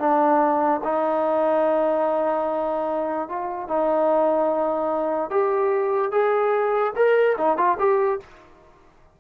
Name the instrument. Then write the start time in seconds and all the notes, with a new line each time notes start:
trombone
0.00 D4
0.84 D#4
3.29 F4
3.69 D#4
5.31 G4
6.12 G#4
6.96 A#4
7.38 D#4
7.58 F4
7.79 G4